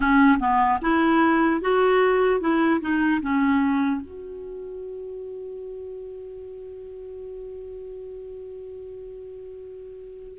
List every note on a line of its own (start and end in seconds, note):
0.00 0.38 C#4
0.39 0.79 B3
0.81 1.61 E4
1.61 2.40 F#4
2.40 2.80 E4
2.80 3.20 D#4
3.21 4.01 C#4
4.01 10.38 F#4